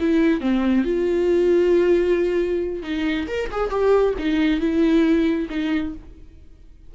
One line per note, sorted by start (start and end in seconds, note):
0.00 0.41 E4
0.41 0.84 C4
0.84 2.83 F4
2.83 3.27 D#4
3.27 3.50 A#4
3.52 3.71 G#4
3.71 4.15 G4
4.19 4.60 D#4
4.60 5.48 E4
5.50 5.94 D#4